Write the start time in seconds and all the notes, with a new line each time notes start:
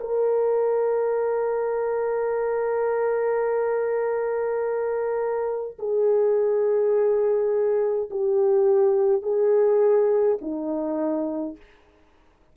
0.00 A#4
5.78 G#4
8.10 G4
9.22 G#4
10.41 D#4